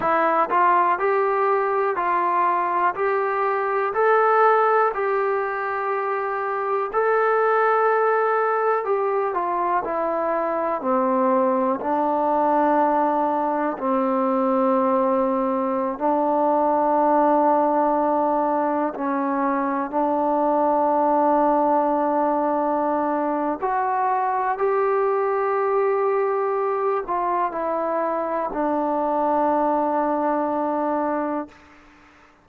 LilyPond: \new Staff \with { instrumentName = "trombone" } { \time 4/4 \tempo 4 = 61 e'8 f'8 g'4 f'4 g'4 | a'4 g'2 a'4~ | a'4 g'8 f'8 e'4 c'4 | d'2 c'2~ |
c'16 d'2. cis'8.~ | cis'16 d'2.~ d'8. | fis'4 g'2~ g'8 f'8 | e'4 d'2. | }